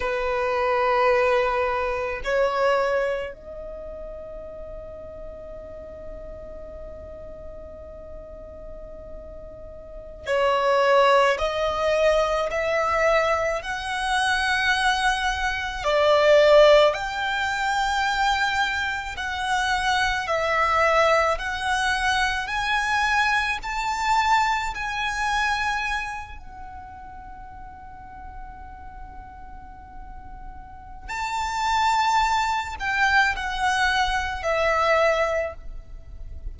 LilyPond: \new Staff \with { instrumentName = "violin" } { \time 4/4 \tempo 4 = 54 b'2 cis''4 dis''4~ | dis''1~ | dis''4~ dis''16 cis''4 dis''4 e''8.~ | e''16 fis''2 d''4 g''8.~ |
g''4~ g''16 fis''4 e''4 fis''8.~ | fis''16 gis''4 a''4 gis''4. fis''16~ | fis''1 | a''4. g''8 fis''4 e''4 | }